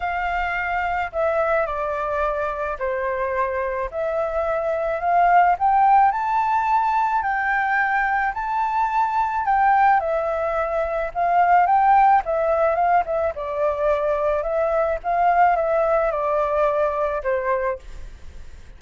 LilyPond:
\new Staff \with { instrumentName = "flute" } { \time 4/4 \tempo 4 = 108 f''2 e''4 d''4~ | d''4 c''2 e''4~ | e''4 f''4 g''4 a''4~ | a''4 g''2 a''4~ |
a''4 g''4 e''2 | f''4 g''4 e''4 f''8 e''8 | d''2 e''4 f''4 | e''4 d''2 c''4 | }